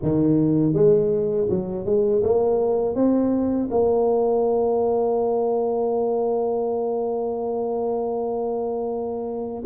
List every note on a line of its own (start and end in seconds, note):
0.02 0.73 D#3
0.73 1.47 G#3
1.49 1.85 F#3
1.85 2.22 G#3
2.23 2.95 A#3
2.95 3.69 C4
3.70 9.63 A#3